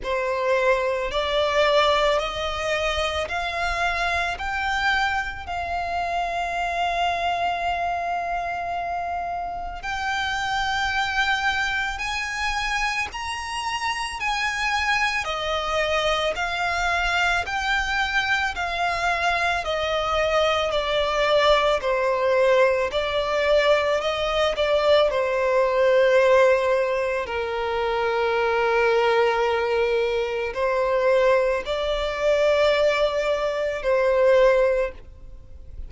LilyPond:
\new Staff \with { instrumentName = "violin" } { \time 4/4 \tempo 4 = 55 c''4 d''4 dis''4 f''4 | g''4 f''2.~ | f''4 g''2 gis''4 | ais''4 gis''4 dis''4 f''4 |
g''4 f''4 dis''4 d''4 | c''4 d''4 dis''8 d''8 c''4~ | c''4 ais'2. | c''4 d''2 c''4 | }